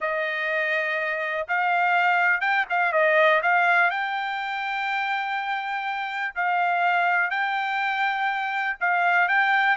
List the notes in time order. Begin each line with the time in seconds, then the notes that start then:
0.00 D#5
1.48 F5
2.40 G5
2.69 F5
2.92 D#5
3.42 F5
3.90 G5
6.35 F5
7.30 G5
8.80 F5
9.28 G5